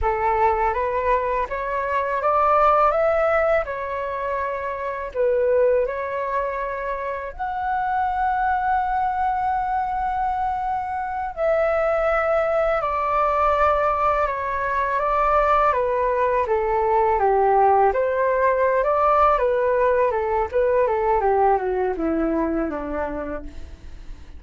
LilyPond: \new Staff \with { instrumentName = "flute" } { \time 4/4 \tempo 4 = 82 a'4 b'4 cis''4 d''4 | e''4 cis''2 b'4 | cis''2 fis''2~ | fis''2.~ fis''8 e''8~ |
e''4. d''2 cis''8~ | cis''8 d''4 b'4 a'4 g'8~ | g'8 c''4~ c''16 d''8. b'4 a'8 | b'8 a'8 g'8 fis'8 e'4 d'4 | }